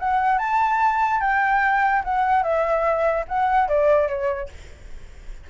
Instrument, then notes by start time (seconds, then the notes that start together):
flute
0.00 F#5
0.39 A5
1.21 G5
2.05 F#5
2.43 E5
3.29 F#5
3.69 D5
4.08 C#5